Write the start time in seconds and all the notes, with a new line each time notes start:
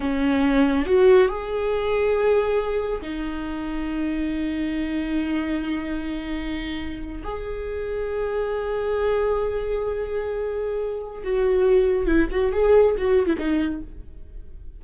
0.00 C#4
0.85 F#4
1.28 G#4
3.01 D#4
7.23 G#4
11.23 F#4
12.06 E4
12.31 F#4
12.52 G#4
12.97 F#4
13.26 E4
13.38 D#4